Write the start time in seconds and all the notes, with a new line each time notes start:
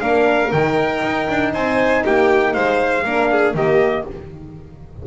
0.00 A#3 D4 A#4 F5
0.53 D#3 D#4 G5
1.03 D#4
1.30 D4
1.53 C4 C5 G#5
2.05 A#3 G4 G5
2.54 G#3 C5 F5
3.04 A#3 D4 A#4
3.32 G#4
3.55 D#3 A#3 G4 D#5